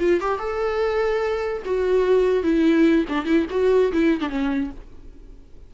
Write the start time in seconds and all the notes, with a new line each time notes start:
0.00 F4
0.21 G4
0.39 A4
1.66 F#4
2.44 E4
3.09 D4
3.25 E4
3.51 F#4
3.93 E4
4.21 D4
4.29 C#4